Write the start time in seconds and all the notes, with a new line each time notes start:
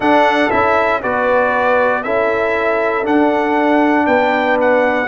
0.00 D4 A4 F#5
0.50 C#4 E4 E5
1.01 B3 F#4 B4 D5
2.03 C#4 E4 A4 E5
3.03 D4 F#5
4.06 B3 B4 G5
4.61 F#5